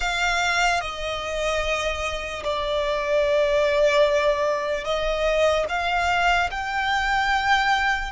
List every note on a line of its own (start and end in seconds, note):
0.00 0.81 F5
0.81 2.43 D#5
2.43 4.84 D5
4.84 5.65 D#5
5.69 6.50 F5
6.50 8.12 G5